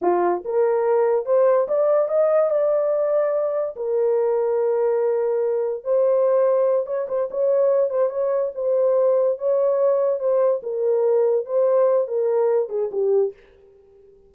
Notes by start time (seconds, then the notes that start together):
0.01 F4
0.44 A#4
1.25 C5
1.68 D5
2.08 D#5
2.50 D5
3.75 A#4
5.84 C5
6.86 C#5
7.08 C5
7.30 C#5
7.90 C5
8.09 C#5
8.55 C5
9.38 C#5
10.19 C5
10.62 A#4
11.45 C5
12.07 A#4
12.69 G#4
12.91 G4